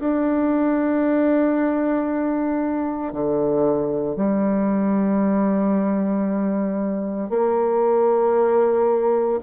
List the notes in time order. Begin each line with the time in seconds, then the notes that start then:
0.00 D4
3.13 D3
4.16 G3
7.30 A#3